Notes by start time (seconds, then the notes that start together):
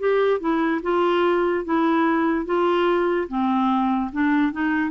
0.00 G4
0.41 E4
0.83 F4
1.65 E4
2.46 F4
3.29 C4
4.13 D4
4.53 D#4